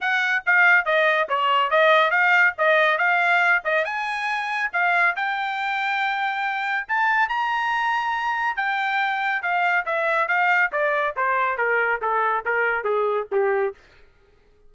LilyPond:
\new Staff \with { instrumentName = "trumpet" } { \time 4/4 \tempo 4 = 140 fis''4 f''4 dis''4 cis''4 | dis''4 f''4 dis''4 f''4~ | f''8 dis''8 gis''2 f''4 | g''1 |
a''4 ais''2. | g''2 f''4 e''4 | f''4 d''4 c''4 ais'4 | a'4 ais'4 gis'4 g'4 | }